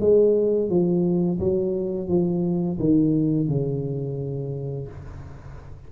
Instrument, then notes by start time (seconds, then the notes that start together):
tuba
0.00 G#3
0.69 F3
1.39 F#3
2.08 F3
2.79 D#3
3.48 C#3